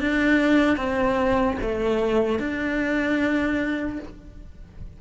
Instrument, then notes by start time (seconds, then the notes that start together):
cello
0.00 D4
0.76 C4
1.61 A3
2.39 D4